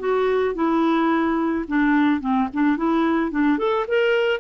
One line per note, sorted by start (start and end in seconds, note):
0.00 0.55 F#4
0.55 1.65 E4
1.68 2.21 D4
2.21 2.49 C4
2.54 2.77 D4
2.77 3.32 E4
3.32 3.59 D4
3.59 3.86 A4
3.88 4.41 A#4